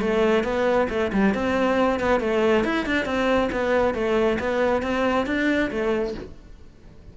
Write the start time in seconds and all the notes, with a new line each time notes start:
0.00 A3
0.44 B3
0.89 A3
1.12 G3
1.34 C4
1.99 B3
2.20 A3
2.64 E4
2.85 D4
3.05 C4
3.52 B3
3.94 A3
4.39 B3
4.82 C4
5.26 D4
5.70 A3